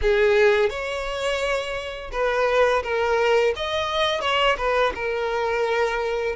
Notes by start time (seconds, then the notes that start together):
0.01 G#4
0.69 C#5
2.12 B4
2.83 A#4
3.56 D#5
4.21 C#5
4.57 B4
4.94 A#4